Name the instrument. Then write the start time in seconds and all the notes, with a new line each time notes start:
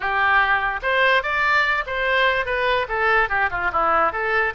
oboe
0.00 G4
0.82 C5
1.22 D5
1.86 C5
2.45 B4
2.88 A4
3.29 G4
3.50 F4
3.72 E4
4.12 A4